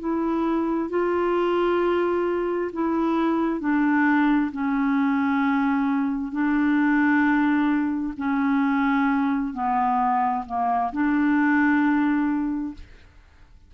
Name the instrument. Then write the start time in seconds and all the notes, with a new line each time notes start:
clarinet
0.00 E4
0.90 F4
2.73 E4
3.61 D4
4.52 C#4
6.32 D4
8.17 C#4
9.54 B3
10.47 A#3
10.93 D4